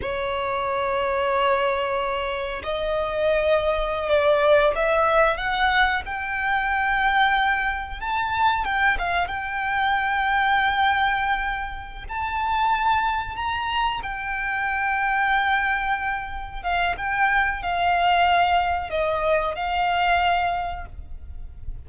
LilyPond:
\new Staff \with { instrumentName = "violin" } { \time 4/4 \tempo 4 = 92 cis''1 | dis''2~ dis''16 d''4 e''8.~ | e''16 fis''4 g''2~ g''8.~ | g''16 a''4 g''8 f''8 g''4.~ g''16~ |
g''2~ g''8 a''4.~ | a''8 ais''4 g''2~ g''8~ | g''4. f''8 g''4 f''4~ | f''4 dis''4 f''2 | }